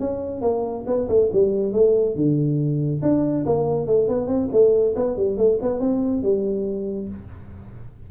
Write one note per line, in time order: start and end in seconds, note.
0.00 0.42 C#4
0.42 0.85 A#3
0.87 1.08 B3
1.09 1.31 A3
1.33 1.73 G3
1.73 2.16 A3
2.16 3.01 D3
3.02 3.45 D4
3.46 3.87 A#3
3.87 4.08 A3
4.09 4.27 B3
4.27 4.49 C4
4.53 4.95 A3
4.96 5.17 B3
5.17 5.38 G3
5.38 5.59 A3
5.62 5.80 B3
5.80 6.23 C4
6.23 7.09 G3